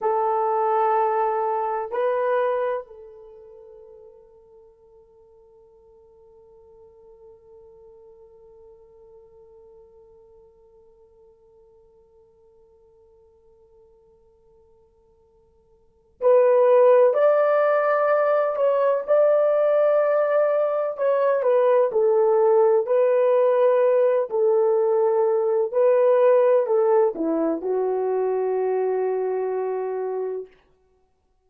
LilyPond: \new Staff \with { instrumentName = "horn" } { \time 4/4 \tempo 4 = 63 a'2 b'4 a'4~ | a'1~ | a'1~ | a'1~ |
a'4 b'4 d''4. cis''8 | d''2 cis''8 b'8 a'4 | b'4. a'4. b'4 | a'8 e'8 fis'2. | }